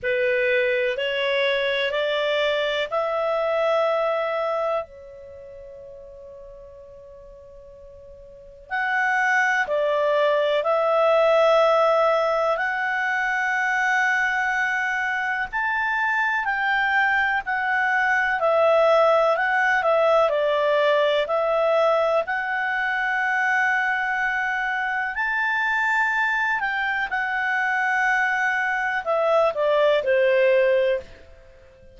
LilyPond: \new Staff \with { instrumentName = "clarinet" } { \time 4/4 \tempo 4 = 62 b'4 cis''4 d''4 e''4~ | e''4 cis''2.~ | cis''4 fis''4 d''4 e''4~ | e''4 fis''2. |
a''4 g''4 fis''4 e''4 | fis''8 e''8 d''4 e''4 fis''4~ | fis''2 a''4. g''8 | fis''2 e''8 d''8 c''4 | }